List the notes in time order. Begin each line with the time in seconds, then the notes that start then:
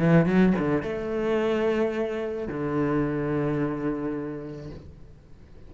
0.00 E3
0.26 F#3
0.59 D3
0.83 A3
2.48 D3